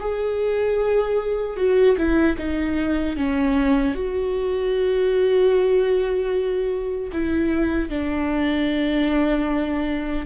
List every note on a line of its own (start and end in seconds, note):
0.00 1.57 G#4
1.57 1.97 F#4
1.98 2.37 E4
2.38 3.17 D#4
3.17 3.95 C#4
3.95 7.11 F#4
7.13 7.90 E4
7.90 10.27 D4